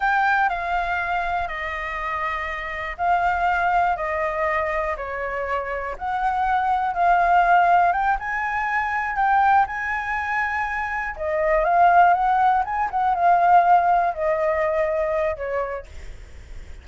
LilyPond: \new Staff \with { instrumentName = "flute" } { \time 4/4 \tempo 4 = 121 g''4 f''2 dis''4~ | dis''2 f''2 | dis''2 cis''2 | fis''2 f''2 |
g''8 gis''2 g''4 gis''8~ | gis''2~ gis''8 dis''4 f''8~ | f''8 fis''4 gis''8 fis''8 f''4.~ | f''8 dis''2~ dis''8 cis''4 | }